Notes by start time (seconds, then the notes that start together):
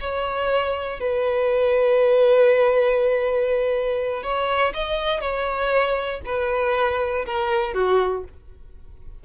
0.00 C#5
1.00 B4
4.23 C#5
4.73 D#5
5.20 C#5
6.25 B4
7.25 A#4
7.73 F#4